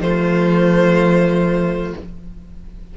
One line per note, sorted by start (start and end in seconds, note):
0.00 1.94 F3
0.00 1.95 A3
0.00 1.98 F4
0.00 1.95 C5